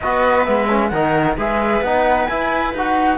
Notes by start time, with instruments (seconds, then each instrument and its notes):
0.00 cello B3, trombone F#4, viola B4, flute D#5
0.45 cello G#3, trombone B3, flute E5
0.69 trombone C#4
0.88 cello D#3, trombone D#4, viola A#4, flute F#5
1.36 cello G#3, trombone G#4, viola B4, flute E5
1.81 cello B3, trombone D#4, flute F#5
2.26 cello E4, trombone E4, flute G#5
2.73 cello D#4, trombone F#4, flute F#5